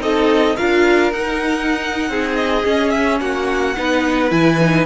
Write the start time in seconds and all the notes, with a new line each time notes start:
0.00 C4 D#4 A4 D#5
0.57 D4 F4 A#4 F5
1.12 D#4 F#5
2.09 C4 G#4
2.36 D#5
2.64 C#4
2.90 E5
3.21 A#3 F#4 F#5
3.77 B3 D#4 B4
4.31 E3 E4 G#5
4.61 D#4